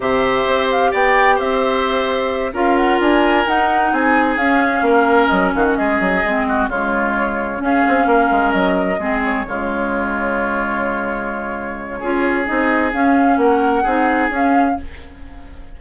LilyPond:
<<
  \new Staff \with { instrumentName = "flute" } { \time 4/4 \tempo 4 = 130 e''4. f''8 g''4 e''4~ | e''4. f''8 fis''8 gis''4 fis''8~ | fis''8 gis''4 f''2 dis''8 | f''16 fis''16 dis''2 cis''4.~ |
cis''8 f''2 dis''4. | cis''1~ | cis''2. dis''4 | f''4 fis''2 f''4 | }
  \new Staff \with { instrumentName = "oboe" } { \time 4/4 c''2 d''4 c''4~ | c''4. ais'2~ ais'8~ | ais'8 gis'2 ais'4. | fis'8 gis'4. fis'8 f'4.~ |
f'8 gis'4 ais'2 gis'8~ | gis'8 f'2.~ f'8~ | f'2 gis'2~ | gis'4 ais'4 gis'2 | }
  \new Staff \with { instrumentName = "clarinet" } { \time 4/4 g'1~ | g'4. f'2 dis'8~ | dis'4. cis'2~ cis'8~ | cis'4. c'4 gis4.~ |
gis8 cis'2. c'8~ | c'8 gis2.~ gis8~ | gis2 f'4 dis'4 | cis'2 dis'4 cis'4 | }
  \new Staff \with { instrumentName = "bassoon" } { \time 4/4 c4 c'4 b4 c'4~ | c'4. cis'4 d'4 dis'8~ | dis'8 c'4 cis'4 ais4 fis8 | dis8 gis8 fis8 gis4 cis4.~ |
cis8 cis'8 c'8 ais8 gis8 fis4 gis8~ | gis8 cis2.~ cis8~ | cis2 cis'4 c'4 | cis'4 ais4 c'4 cis'4 | }
>>